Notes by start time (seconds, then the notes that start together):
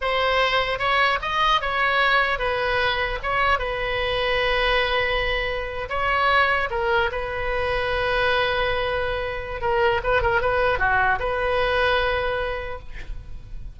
0.01 C5
0.78 C#5
1.21 D#5
1.61 C#5
2.38 B4
3.22 C#5
3.59 B4
5.89 C#5
6.70 A#4
7.11 B4
9.61 A#4
10.03 B4
10.21 A#4
10.41 B4
10.78 F#4
11.19 B4